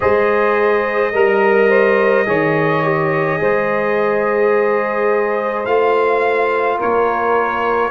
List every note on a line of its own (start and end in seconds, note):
0.00 1.13 G#3
0.00 1.13 G#4
0.00 1.12 C5
0.00 5.65 D#5
1.12 2.26 G3
1.12 1.68 A#4
1.12 2.26 A#4
1.68 2.25 C5
2.26 3.39 D#3
2.26 2.82 G#4
2.26 3.40 C#5
2.83 3.37 G4
3.37 5.65 G#3
3.37 5.63 G#4
3.37 6.77 C5
5.65 6.78 A3
5.65 7.90 F4
5.65 6.78 F5
6.77 7.90 A#3
6.77 7.90 A#4
6.77 7.90 C#5